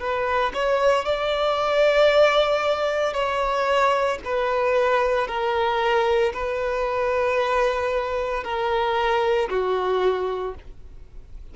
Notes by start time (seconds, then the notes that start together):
0.00 B4
0.54 C#5
1.05 D5
3.14 C#5
4.25 B4
5.28 A#4
6.33 B4
8.44 A#4
9.49 F#4